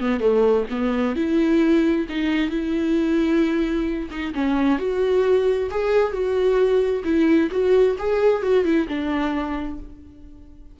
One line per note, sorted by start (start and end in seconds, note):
0.00 0.20 B3
0.20 0.65 A3
0.70 1.15 B3
1.15 2.06 E4
2.09 2.50 D#4
2.50 4.09 E4
4.10 4.33 D#4
4.35 4.79 C#4
4.79 5.69 F#4
5.70 6.12 G#4
6.12 7.03 F#4
7.04 7.49 E4
7.51 7.96 F#4
7.98 8.42 G#4
8.42 8.64 F#4
8.64 8.87 E4
8.88 9.79 D4